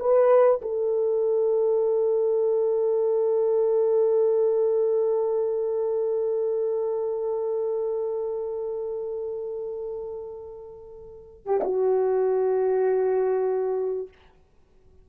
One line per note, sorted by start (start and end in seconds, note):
0.00 0.61 B4
0.62 11.46 A4
11.46 11.61 G4
11.64 14.09 F#4